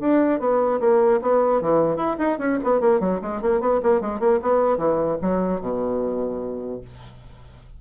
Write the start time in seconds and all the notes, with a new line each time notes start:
0.00 D4
0.39 B3
0.80 A#3
1.21 B3
1.61 E3
1.96 E4
2.18 D#4
2.38 C#4
2.63 B3
2.80 A#3
3.00 F#3
3.21 G#3
3.41 A#3
3.60 B3
3.83 A#3
4.01 G#3
4.19 A#3
4.42 B3
4.77 E3
5.21 F#3
5.61 B2